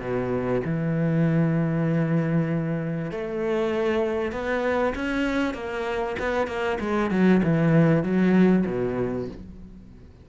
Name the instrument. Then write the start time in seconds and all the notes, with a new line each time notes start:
cello
0.00 B2
0.65 E3
3.12 A3
4.32 B3
4.95 C#4
5.54 A#3
6.19 B3
6.48 A#3
6.80 G#3
7.11 F#3
7.44 E3
8.04 F#3
8.67 B2